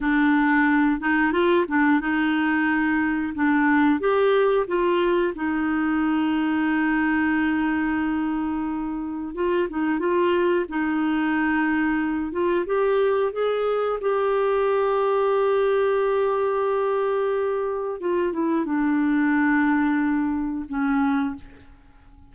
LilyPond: \new Staff \with { instrumentName = "clarinet" } { \time 4/4 \tempo 4 = 90 d'4. dis'8 f'8 d'8 dis'4~ | dis'4 d'4 g'4 f'4 | dis'1~ | dis'2 f'8 dis'8 f'4 |
dis'2~ dis'8 f'8 g'4 | gis'4 g'2.~ | g'2. f'8 e'8 | d'2. cis'4 | }